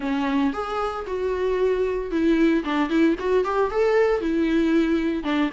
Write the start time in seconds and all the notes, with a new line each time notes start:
0.00 C#4
0.53 G#4
1.06 F#4
2.11 E4
2.64 D4
2.89 E4
3.19 F#4
3.44 G4
3.70 A4
4.20 E4
5.23 D4